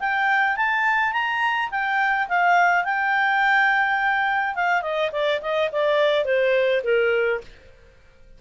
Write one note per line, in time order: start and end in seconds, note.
0.00 0.57 G5
0.57 1.13 A5
1.13 1.70 A#5
1.71 2.28 G5
2.29 2.85 F5
2.85 4.56 G5
4.56 4.82 F5
4.82 5.11 D#5
5.12 5.41 D5
5.42 5.70 D#5
5.72 6.25 D5
6.25 6.82 C5
6.84 7.41 A#4